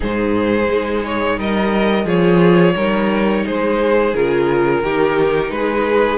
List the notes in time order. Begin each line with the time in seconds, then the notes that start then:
0.00 G#2 D#4 G#4 C5
0.69 G#3
1.05 C#5
1.38 G3 A#4 D#5
2.05 F3 F4 G#4 C#5
2.75 G3 D#4 A#4
3.45 G#3 G#4 C5
4.13 C#3 F4 A#4
4.82 D#3 D#4 G4
5.50 G#3 G#4 B4